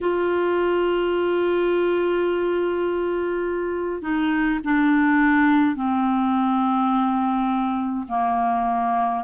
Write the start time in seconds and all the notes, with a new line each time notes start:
0.00 F4
4.01 D#4
4.64 D4
5.75 C4
8.08 A#3